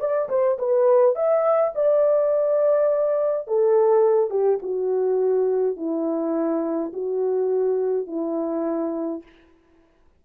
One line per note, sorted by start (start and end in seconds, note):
0.00 0.29 D5
0.29 0.58 C5
0.59 1.16 B4
1.16 1.73 E5
1.75 3.48 D5
3.48 4.31 A4
4.31 4.59 G4
4.62 5.77 F#4
5.77 6.93 E4
6.93 8.07 F#4
8.07 9.23 E4